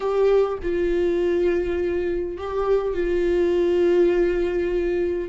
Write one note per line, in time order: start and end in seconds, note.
0.00 0.58 G4
0.62 2.37 F4
2.37 2.94 G4
2.94 5.29 F4